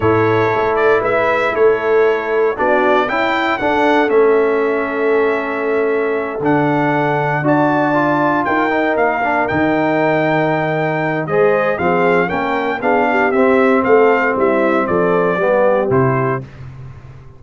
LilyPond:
<<
  \new Staff \with { instrumentName = "trumpet" } { \time 4/4 \tempo 4 = 117 cis''4. d''8 e''4 cis''4~ | cis''4 d''4 g''4 fis''4 | e''1~ | e''8 fis''2 a''4.~ |
a''8 g''4 f''4 g''4.~ | g''2 dis''4 f''4 | g''4 f''4 e''4 f''4 | e''4 d''2 c''4 | }
  \new Staff \with { instrumentName = "horn" } { \time 4/4 a'2 b'4 a'4~ | a'4 fis'4 e'4 a'4~ | a'1~ | a'2~ a'8 d''4.~ |
d''8 ais'2.~ ais'8~ | ais'2 c''4 gis'4 | ais'4 gis'8 g'4. a'4 | e'4 a'4 g'2 | }
  \new Staff \with { instrumentName = "trombone" } { \time 4/4 e'1~ | e'4 d'4 e'4 d'4 | cis'1~ | cis'8 d'2 fis'4 f'8~ |
f'4 dis'4 d'8 dis'4.~ | dis'2 gis'4 c'4 | cis'4 d'4 c'2~ | c'2 b4 e'4 | }
  \new Staff \with { instrumentName = "tuba" } { \time 4/4 a,4 a4 gis4 a4~ | a4 b4 cis'4 d'4 | a1~ | a8 d2 d'4.~ |
d'8 dis'4 ais4 dis4.~ | dis2 gis4 f4 | ais4 b4 c'4 a4 | g4 f4 g4 c4 | }
>>